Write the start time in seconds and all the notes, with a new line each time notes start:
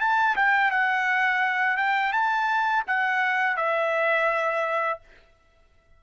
0.00 A5
0.36 G5
0.71 F#5
1.77 G5
2.12 A5
2.87 F#5
3.56 E5